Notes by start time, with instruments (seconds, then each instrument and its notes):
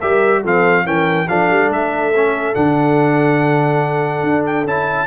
0.00 tuba G3, trombone G4, horn A#4, trumpet E5
0.43 tuba F3, trombone C4, horn A4, trumpet F5
0.85 tuba E3, trombone C#4, horn A#4, trumpet G5
1.28 tuba F3, trombone D4, horn A4, trumpet F5
1.50 tuba G3
1.70 tuba A3, trumpet E5
2.15 trombone C#4
2.55 tuba D3, trombone D4, trumpet F#5
4.24 tuba D4
4.46 trumpet G5
4.65 tuba C#4, trombone E4, trumpet A5